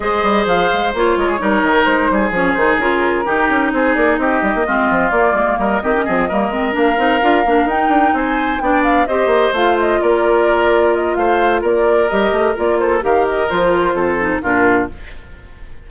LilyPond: <<
  \new Staff \with { instrumentName = "flute" } { \time 4/4 \tempo 4 = 129 dis''4 f''4 cis''2 | c''4 cis''8 c''8 ais'2 | c''8 d''8 dis''2 d''4 | dis''2~ dis''8 f''4.~ |
f''8 g''4 gis''4 g''8 f''8 dis''8~ | dis''8 f''8 dis''8 d''2 dis''8 | f''4 d''4 dis''4 d''8 c''8 | f''8 dis''8 c''2 ais'4 | }
  \new Staff \with { instrumentName = "oboe" } { \time 4/4 c''2~ c''8 ais'16 gis'16 ais'4~ | ais'8 gis'2~ gis'8 g'4 | gis'4 g'4 f'2 | ais'8 g'8 gis'8 ais'2~ ais'8~ |
ais'4. c''4 d''4 c''8~ | c''4. ais'2~ ais'8 | c''4 ais'2~ ais'8 a'8 | ais'2 a'4 f'4 | }
  \new Staff \with { instrumentName = "clarinet" } { \time 4/4 gis'2 f'4 dis'4~ | dis'4 cis'8 dis'8 f'4 dis'4~ | dis'2 c'4 ais4~ | ais8 c'16 cis'16 c'8 ais8 c'8 d'8 dis'8 f'8 |
d'8 dis'2 d'4 g'8~ | g'8 f'2.~ f'8~ | f'2 g'4 f'4 | g'4 f'4. dis'8 d'4 | }
  \new Staff \with { instrumentName = "bassoon" } { \time 4/4 gis8 g8 f8 gis8 ais8 gis8 g8 dis8 | gis8 g8 f8 dis8 cis4 dis8 cis'8 | c'8 ais8 c'8 g16 ais16 gis8 f8 ais8 gis8 | g8 dis8 f8 g8 gis8 ais8 c'8 d'8 |
ais8 dis'8 d'8 c'4 b4 c'8 | ais8 a4 ais2~ ais8 | a4 ais4 g8 a8 ais4 | dis4 f4 f,4 ais,4 | }
>>